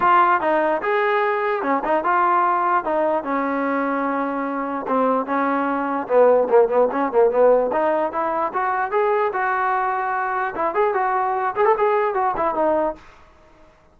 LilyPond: \new Staff \with { instrumentName = "trombone" } { \time 4/4 \tempo 4 = 148 f'4 dis'4 gis'2 | cis'8 dis'8 f'2 dis'4 | cis'1 | c'4 cis'2 b4 |
ais8 b8 cis'8 ais8 b4 dis'4 | e'4 fis'4 gis'4 fis'4~ | fis'2 e'8 gis'8 fis'4~ | fis'8 gis'16 a'16 gis'4 fis'8 e'8 dis'4 | }